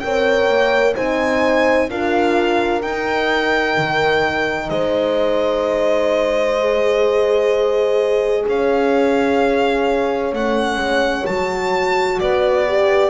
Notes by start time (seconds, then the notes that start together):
0.00 C4 A#4 C#5 G5
0.49 A#3
0.95 C4 D#4 C5 G#5
1.89 D4 F4 A#4 F5
2.82 D#4 G5
3.78 D#3
4.70 G#3 C5 D#5
6.60 G#4
8.48 C#4 C#5 F5
10.32 A3 C#4 F#5
10.77 G#3
11.26 F#3 F#4 A5
12.20 B3 B4 D5
12.68 G4